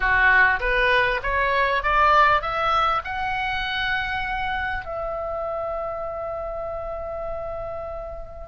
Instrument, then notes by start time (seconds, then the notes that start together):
oboe
0.00 F#4
0.60 B4
1.22 C#5
1.82 D5
2.41 E5
3.04 F#5
4.85 E5